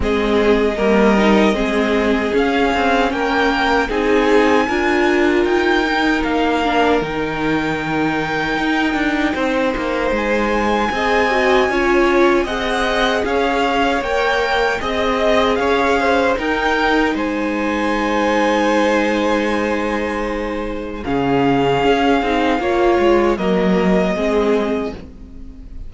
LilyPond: <<
  \new Staff \with { instrumentName = "violin" } { \time 4/4 \tempo 4 = 77 dis''2. f''4 | g''4 gis''2 g''4 | f''4 g''2.~ | g''4 gis''2. |
fis''4 f''4 g''4 dis''4 | f''4 g''4 gis''2~ | gis''2. f''4~ | f''2 dis''2 | }
  \new Staff \with { instrumentName = "violin" } { \time 4/4 gis'4 ais'4 gis'2 | ais'4 gis'4 ais'2~ | ais'1 | c''2 dis''4 cis''4 |
dis''4 cis''2 dis''4 | cis''8 c''8 ais'4 c''2~ | c''2. gis'4~ | gis'4 cis''4 ais'4 gis'4 | }
  \new Staff \with { instrumentName = "viola" } { \time 4/4 c'4 ais8 dis'8 c'4 cis'4~ | cis'4 dis'4 f'4. dis'8~ | dis'8 d'8 dis'2.~ | dis'2 gis'8 fis'8 f'4 |
gis'2 ais'4 gis'4~ | gis'4 dis'2.~ | dis'2. cis'4~ | cis'8 dis'8 f'4 ais4 c'4 | }
  \new Staff \with { instrumentName = "cello" } { \time 4/4 gis4 g4 gis4 cis'8 c'8 | ais4 c'4 d'4 dis'4 | ais4 dis2 dis'8 d'8 | c'8 ais8 gis4 c'4 cis'4 |
c'4 cis'4 ais4 c'4 | cis'4 dis'4 gis2~ | gis2. cis4 | cis'8 c'8 ais8 gis8 fis4 gis4 | }
>>